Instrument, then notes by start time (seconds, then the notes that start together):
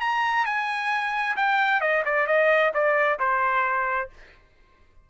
trumpet
0.00 A#5
0.45 G#5
1.36 G5
1.80 D#5
2.05 D5
2.27 D#5
2.74 D5
3.19 C5